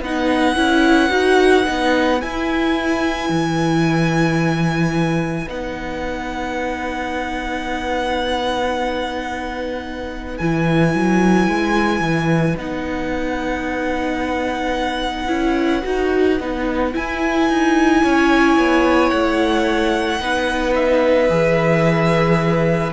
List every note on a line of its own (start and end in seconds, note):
0.00 0.55 B3
0.00 0.55 D#4
0.00 18.00 B4
0.00 2.20 F#5
0.55 1.10 C#4
0.55 1.08 E4
1.08 1.64 D#4
1.08 1.63 F#4
1.64 2.22 B3
1.64 2.19 D#4
2.20 5.46 E4
2.20 3.29 E4
2.20 5.48 G#5
3.29 5.47 E3
5.46 10.38 B3
5.46 10.37 D#4
5.46 10.37 F#5
10.37 10.94 E3
10.37 12.56 E4
10.37 12.55 G#5
10.94 11.47 F#3
11.47 12.00 G#3
12.00 12.55 E3
12.56 15.29 B3
12.56 15.27 D#4
12.56 16.95 F#5
15.27 15.83 C#4
15.27 15.81 E4
15.82 16.40 D#4
15.82 16.37 F#4
16.40 16.94 B3
16.40 16.92 D#4
16.92 20.19 E4
16.92 17.48 E4
16.92 19.09 G#5
17.48 18.03 D#4
18.02 18.57 C#4
18.02 20.20 C#5
18.57 19.11 B3
19.09 20.20 A3
19.09 20.73 F#5
20.19 21.29 B3
20.19 21.28 D#4
20.19 22.92 B4
20.75 22.92 E5
21.28 22.92 E3
21.28 22.92 G#4